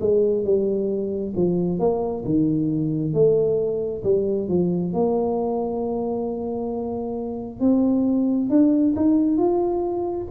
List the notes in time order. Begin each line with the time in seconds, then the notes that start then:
0.00 G#3
0.44 G3
1.36 F3
1.79 A#3
2.25 D#3
3.13 A3
4.03 G3
4.48 F3
4.93 A#3
7.60 C4
8.49 D4
8.96 D#4
9.37 F4